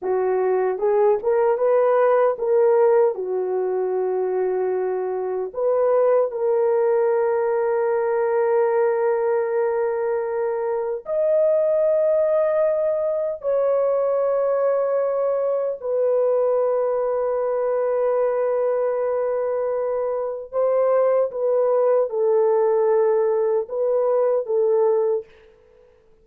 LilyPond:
\new Staff \with { instrumentName = "horn" } { \time 4/4 \tempo 4 = 76 fis'4 gis'8 ais'8 b'4 ais'4 | fis'2. b'4 | ais'1~ | ais'2 dis''2~ |
dis''4 cis''2. | b'1~ | b'2 c''4 b'4 | a'2 b'4 a'4 | }